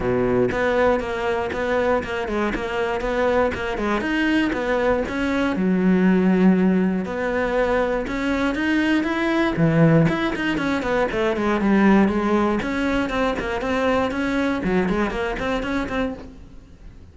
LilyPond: \new Staff \with { instrumentName = "cello" } { \time 4/4 \tempo 4 = 119 b,4 b4 ais4 b4 | ais8 gis8 ais4 b4 ais8 gis8 | dis'4 b4 cis'4 fis4~ | fis2 b2 |
cis'4 dis'4 e'4 e4 | e'8 dis'8 cis'8 b8 a8 gis8 g4 | gis4 cis'4 c'8 ais8 c'4 | cis'4 fis8 gis8 ais8 c'8 cis'8 c'8 | }